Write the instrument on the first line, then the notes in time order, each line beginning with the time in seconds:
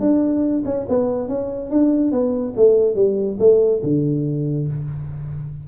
tuba
0.00 D4
0.65 C#4
0.89 B3
1.28 C#4
1.71 D4
2.11 B3
2.57 A3
2.95 G3
3.39 A3
3.83 D3